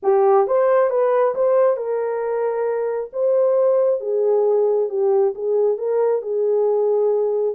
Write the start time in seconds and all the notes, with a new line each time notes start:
0.02 G4
0.47 C5
0.89 B4
1.34 C5
1.77 A#4
3.13 C5
4.00 G#4
4.89 G4
5.34 G#4
5.77 A#4
6.22 G#4